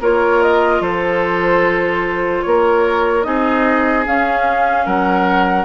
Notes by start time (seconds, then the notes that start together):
0.00 A#3 F4 A#4 C#5
0.42 D#5
0.80 F3 A4 C5
2.42 A#3 A#4 C#5
3.23 C4 D#4 G#4 D#5
4.05 C#4 F5
4.85 F#3 A#4 F#5